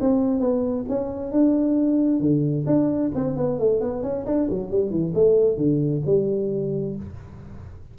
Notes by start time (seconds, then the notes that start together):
0.00 C4
0.40 B3
0.89 C#4
1.31 D4
2.20 D3
2.66 D4
3.14 C4
3.36 B3
3.59 A3
3.81 B3
4.03 C#4
4.26 D4
4.50 F#3
4.70 G3
4.90 E3
5.14 A3
5.57 D3
6.06 G3